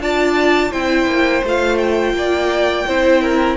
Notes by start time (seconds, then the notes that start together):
0.00 D4 F4 D5 A5
0.72 C4 E4 C5 G5
1.06 A#3
1.44 A3 F4 F5
1.78 G5
2.13 A#3 D5
2.88 C4 E4 C5
3.22 A#4